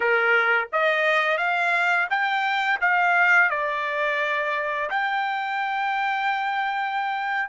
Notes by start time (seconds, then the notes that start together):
0.00 A#4
0.72 D#5
1.37 F5
2.09 G5
2.81 F5
3.49 D5
4.90 G5